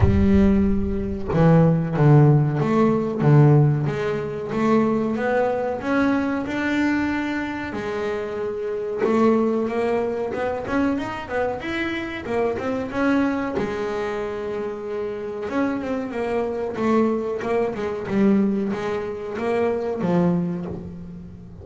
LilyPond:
\new Staff \with { instrumentName = "double bass" } { \time 4/4 \tempo 4 = 93 g2 e4 d4 | a4 d4 gis4 a4 | b4 cis'4 d'2 | gis2 a4 ais4 |
b8 cis'8 dis'8 b8 e'4 ais8 c'8 | cis'4 gis2. | cis'8 c'8 ais4 a4 ais8 gis8 | g4 gis4 ais4 f4 | }